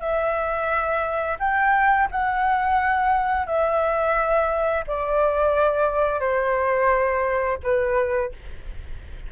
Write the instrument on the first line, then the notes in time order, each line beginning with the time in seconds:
flute
0.00 E5
1.39 G5
2.11 F#5
3.47 E5
4.87 D5
6.20 C5
7.63 B4